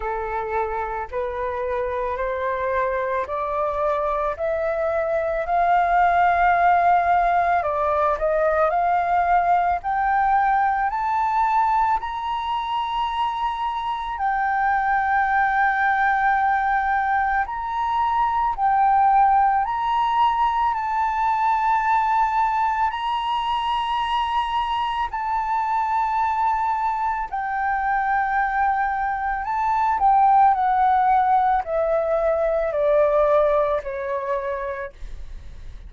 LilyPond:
\new Staff \with { instrumentName = "flute" } { \time 4/4 \tempo 4 = 55 a'4 b'4 c''4 d''4 | e''4 f''2 d''8 dis''8 | f''4 g''4 a''4 ais''4~ | ais''4 g''2. |
ais''4 g''4 ais''4 a''4~ | a''4 ais''2 a''4~ | a''4 g''2 a''8 g''8 | fis''4 e''4 d''4 cis''4 | }